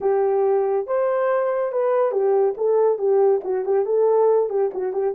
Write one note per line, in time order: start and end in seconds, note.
0.01 0.86 G4
0.86 1.72 C5
1.72 2.11 B4
2.11 2.54 G4
2.57 2.98 A4
2.98 3.41 G4
3.44 3.65 F#4
3.65 3.85 G4
3.85 4.49 A4
4.49 4.71 G4
4.74 4.92 F#4
4.92 5.14 G4